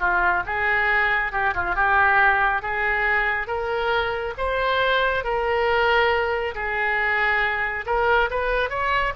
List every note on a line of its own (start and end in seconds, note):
0.00 0.43 F4
0.46 1.32 G#4
1.32 1.54 G4
1.55 1.75 F4
1.75 2.62 G4
2.62 3.47 G#4
3.47 4.34 A#4
4.38 5.25 C5
5.25 6.55 A#4
6.55 7.85 G#4
7.87 8.30 A#4
8.31 8.70 B4
8.70 9.13 C#5